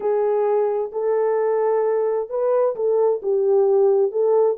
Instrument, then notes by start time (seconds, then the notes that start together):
horn
0.00 G#4
0.92 A4
2.29 B4
2.75 A4
3.22 G4
4.11 A4